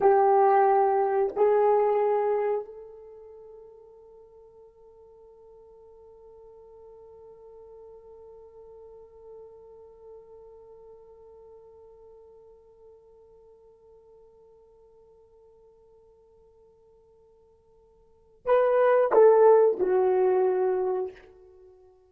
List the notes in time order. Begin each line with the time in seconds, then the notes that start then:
0.01 G4
1.35 G#4
2.65 A4
18.45 B4
19.12 A4
19.79 F#4